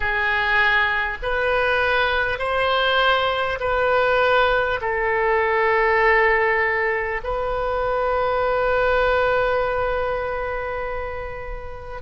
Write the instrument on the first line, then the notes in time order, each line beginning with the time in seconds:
oboe
0.00 G#4
1.22 B4
2.38 C5
3.60 B4
4.81 A4
7.23 B4